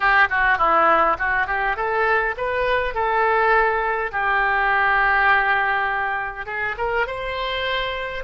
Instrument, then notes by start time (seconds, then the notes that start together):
oboe
0.00 G4
0.30 F#4
0.57 E4
1.18 F#4
1.47 G4
1.76 A4
2.37 B4
2.94 A4
4.11 G4
6.46 G#4
6.77 A#4
7.06 C5